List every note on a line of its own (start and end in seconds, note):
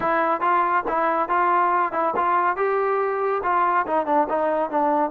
0.00 0.41 E4
0.41 0.83 F4
0.88 1.29 E4
1.29 1.92 F4
1.92 2.14 E4
2.15 2.56 F4
2.56 3.41 G4
3.43 3.86 F4
3.86 4.06 D#4
4.06 4.27 D4
4.29 4.70 D#4
4.70 5.10 D4